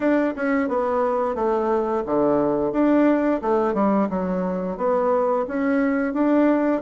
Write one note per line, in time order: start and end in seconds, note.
0.00 0.33 D4
0.36 0.68 C#4
0.68 1.35 B3
1.35 2.03 A3
2.06 2.72 D3
2.72 3.40 D4
3.41 3.74 A3
3.74 4.08 G3
4.09 4.77 F#3
4.77 5.45 B3
5.47 6.13 C#4
6.13 6.81 D4